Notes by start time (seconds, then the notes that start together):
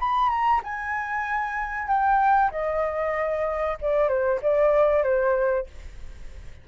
0.00 B5
0.30 A#5
0.64 G#5
1.88 G5
2.52 D#5
3.82 D5
4.09 C5
4.42 D5
5.04 C5